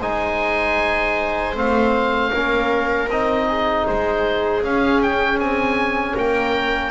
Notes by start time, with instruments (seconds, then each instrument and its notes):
0.00 double bass G#3, trombone D#4, viola C5, oboe G#5
1.54 double bass A3, trombone C4, oboe F5
2.31 double bass A#3, trombone C#4, viola A#4
3.08 double bass C4, trombone D#4, oboe D#5
3.49 viola G#4
3.87 double bass G#3, oboe C5
4.62 trombone C#4, double bass C#4, oboe F5
5.03 oboe G5
5.38 double bass C4, oboe G#5
6.16 double bass A#3, viola A#4, oboe G5